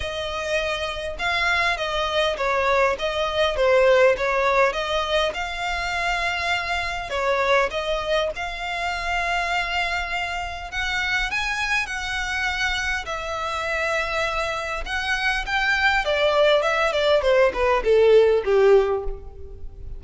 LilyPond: \new Staff \with { instrumentName = "violin" } { \time 4/4 \tempo 4 = 101 dis''2 f''4 dis''4 | cis''4 dis''4 c''4 cis''4 | dis''4 f''2. | cis''4 dis''4 f''2~ |
f''2 fis''4 gis''4 | fis''2 e''2~ | e''4 fis''4 g''4 d''4 | e''8 d''8 c''8 b'8 a'4 g'4 | }